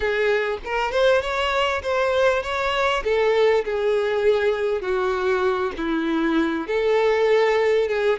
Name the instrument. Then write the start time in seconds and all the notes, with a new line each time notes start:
violin
0.00 G#4
0.64 A#4
0.91 C5
1.21 C#5
1.82 C5
2.42 C#5
3.04 A4
3.64 G#4
4.81 F#4
5.77 E4
6.67 A4
7.88 G#4